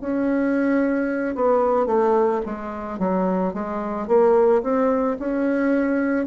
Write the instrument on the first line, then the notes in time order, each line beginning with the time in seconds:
bassoon
0.00 C#4
1.35 B3
1.86 A3
2.45 G#3
2.99 F#3
3.54 G#3
4.08 A#3
4.63 C4
5.19 C#4